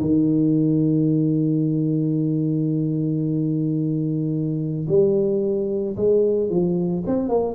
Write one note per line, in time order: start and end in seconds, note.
0.00 4.86 D#3
4.87 5.96 G3
5.96 6.49 G#3
6.49 7.03 F3
7.06 7.29 C4
7.29 7.55 A#3